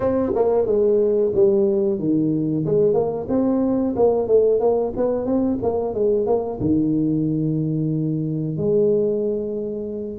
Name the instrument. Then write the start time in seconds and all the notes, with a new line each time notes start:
tuba
0.00 C4
0.34 A#3
0.66 G#3
1.35 G3
1.99 D#3
2.65 G#3
2.93 A#3
3.28 C4
3.96 A#3
4.27 A3
4.59 A#3
4.96 B3
5.25 C4
5.62 A#3
5.93 G#3
6.26 A#3
6.60 D#3
8.57 G#3